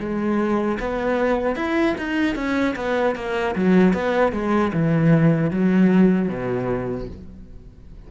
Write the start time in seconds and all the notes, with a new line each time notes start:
0.00 G#3
0.80 B3
1.56 E4
1.98 D#4
2.36 C#4
2.76 B3
3.16 A#3
3.56 F#3
3.94 B3
4.33 G#3
4.73 E3
5.51 F#3
6.29 B2